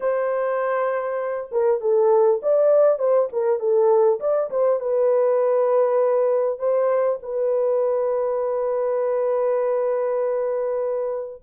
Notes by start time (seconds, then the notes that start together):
0.00 C5
1.51 A#4
1.80 A4
2.42 D5
2.98 C5
3.32 A#4
3.59 A4
4.19 D5
4.50 C5
4.79 B4
6.58 C5
7.22 B4